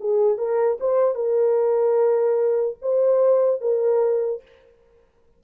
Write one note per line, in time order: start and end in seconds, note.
0.00 0.38 G#4
0.38 0.78 A#4
0.80 1.15 C5
1.15 2.77 A#4
2.82 3.61 C5
3.61 4.42 A#4